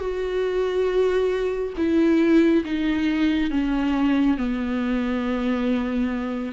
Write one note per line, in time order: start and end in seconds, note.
0.00 1.74 F#4
1.77 2.64 E4
2.65 3.51 D#4
3.51 4.38 C#4
4.38 6.53 B3